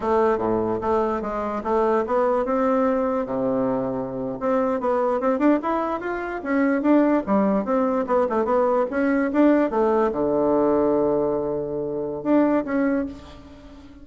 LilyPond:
\new Staff \with { instrumentName = "bassoon" } { \time 4/4 \tempo 4 = 147 a4 a,4 a4 gis4 | a4 b4 c'2 | c2~ c8. c'4 b16~ | b8. c'8 d'8 e'4 f'4 cis'16~ |
cis'8. d'4 g4 c'4 b16~ | b16 a8 b4 cis'4 d'4 a16~ | a8. d2.~ d16~ | d2 d'4 cis'4 | }